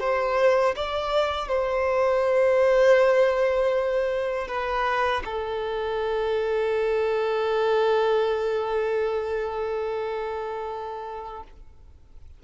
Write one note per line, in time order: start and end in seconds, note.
0.00 0.75 C5
0.76 1.49 D5
1.49 4.48 C5
4.48 5.23 B4
5.25 11.44 A4